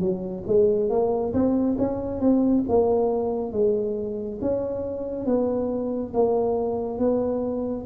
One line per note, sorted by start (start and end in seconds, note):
0.00 0.43 F#3
0.47 0.90 G#3
0.90 1.33 A#3
1.34 1.77 C4
1.78 2.21 C#4
2.21 2.64 C4
2.69 3.52 A#3
3.52 4.39 G#3
4.42 5.26 C#4
5.26 6.13 B3
6.14 6.99 A#3
6.99 7.86 B3